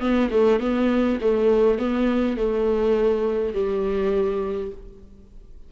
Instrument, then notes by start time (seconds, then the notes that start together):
viola
0.00 B3
0.30 A3
0.60 B3
1.21 A3
1.79 B3
2.37 A3
3.54 G3